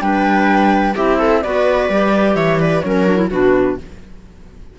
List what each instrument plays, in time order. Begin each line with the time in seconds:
0.00 cello G3, clarinet D4, viola B4, flute G5
0.95 cello C4, clarinet E4, viola G4, flute E5
1.19 viola A4
1.42 cello B3, clarinet F#4, viola B4, flute D5
1.89 cello G3, clarinet G4
2.35 cello E3, viola C#5, flute E5
2.59 viola B4, flute D5
2.81 cello F#3, clarinet C#4, viola A#4, flute C#5
3.06 clarinet D4
3.16 clarinet E4
3.30 cello B2, clarinet D4, viola F#4, flute B4